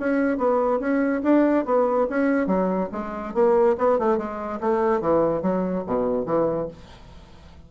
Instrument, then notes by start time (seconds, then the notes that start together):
bassoon
0.00 C#4
0.38 B3
0.80 C#4
1.24 D4
1.66 B3
2.10 C#4
2.47 F#3
2.92 G#3
3.35 A#3
3.78 B3
3.99 A3
4.18 G#3
4.61 A3
5.01 E3
5.42 F#3
5.87 B2
6.26 E3